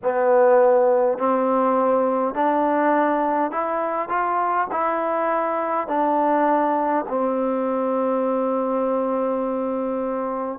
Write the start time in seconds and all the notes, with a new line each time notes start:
0.02 B3
1.18 C4
2.34 D4
3.51 E4
4.09 F4
4.71 E4
5.87 D4
7.08 C4